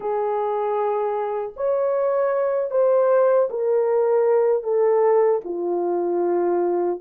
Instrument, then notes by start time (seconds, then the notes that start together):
horn
0.00 G#4
1.56 C#5
2.71 C5
3.50 A#4
4.63 A4
5.44 F4